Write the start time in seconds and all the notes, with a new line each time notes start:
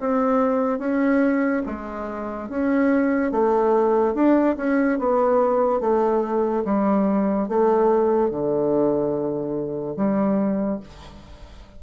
0.00 C4
0.79 C#4
1.66 G#3
2.50 C#4
3.32 A3
4.15 D4
4.57 C#4
4.99 B3
5.81 A3
6.65 G3
7.48 A3
8.31 D3
9.97 G3